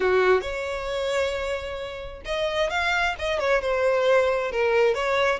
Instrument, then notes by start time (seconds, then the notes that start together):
violin
0.00 F#4
0.41 C#5
2.25 D#5
2.70 F5
3.18 D#5
3.39 C#5
3.61 C5
4.51 A#4
4.94 C#5